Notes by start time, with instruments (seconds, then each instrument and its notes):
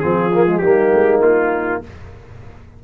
0.00 tuba F3, trombone C4, horn F4, trumpet G#4
0.34 trombone A#3
0.47 trombone G#3
0.59 tuba G3, trombone A#3, horn D#4, trumpet G4
0.94 tuba G#3
1.21 tuba A#3, trumpet F4